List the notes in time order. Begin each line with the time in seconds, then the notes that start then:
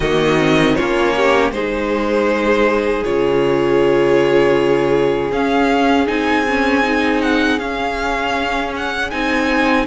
0.00 D#3 A#3 F#4 D#5
0.38 C4
0.75 A#3 C#4 F4 C#5
1.16 G4
1.51 G#3 D#4 G#4 C5
3.04 C#3 F4 C#5
5.31 C#4 F5
6.06 C4 D#4 G#5
6.48 C#4
6.83 D#4
7.21 F#5
7.58 C#4 F5
8.76 F#5
9.10 C4 D#4 G#5